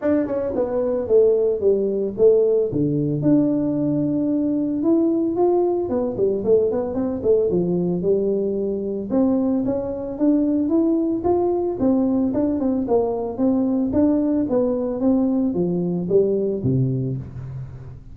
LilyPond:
\new Staff \with { instrumentName = "tuba" } { \time 4/4 \tempo 4 = 112 d'8 cis'8 b4 a4 g4 | a4 d4 d'2~ | d'4 e'4 f'4 b8 g8 | a8 b8 c'8 a8 f4 g4~ |
g4 c'4 cis'4 d'4 | e'4 f'4 c'4 d'8 c'8 | ais4 c'4 d'4 b4 | c'4 f4 g4 c4 | }